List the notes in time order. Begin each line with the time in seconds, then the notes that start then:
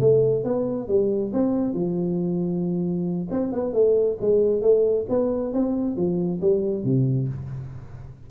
0.00 A3
0.44 B3
0.88 G3
1.33 C4
1.73 F3
3.31 C4
3.52 B3
3.73 A3
4.21 G#3
4.62 A3
5.09 B3
5.53 C4
5.96 F3
6.41 G3
6.84 C3